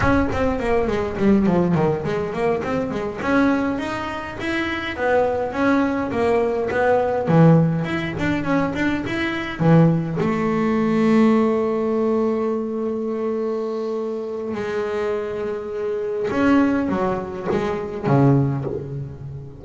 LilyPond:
\new Staff \with { instrumentName = "double bass" } { \time 4/4 \tempo 4 = 103 cis'8 c'8 ais8 gis8 g8 f8 dis8 gis8 | ais8 c'8 gis8 cis'4 dis'4 e'8~ | e'8 b4 cis'4 ais4 b8~ | b8 e4 e'8 d'8 cis'8 d'8 e'8~ |
e'8 e4 a2~ a8~ | a1~ | a4 gis2. | cis'4 fis4 gis4 cis4 | }